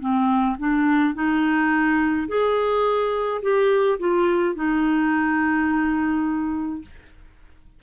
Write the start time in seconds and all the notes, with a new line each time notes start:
0.00 C4
0.59 D4
1.15 D#4
2.28 G#4
3.42 G4
3.99 F4
4.55 D#4